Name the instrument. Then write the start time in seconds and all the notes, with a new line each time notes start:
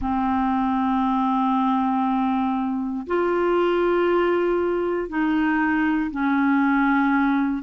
clarinet
0.01 C4
3.06 F4
5.08 D#4
6.10 C#4